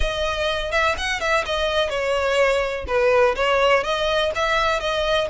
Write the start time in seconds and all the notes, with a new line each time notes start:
0.00 D#5
0.71 E5
0.97 F#5
1.20 E5
1.45 D#5
1.89 C#5
2.87 B4
3.35 C#5
3.83 D#5
4.35 E5
4.79 D#5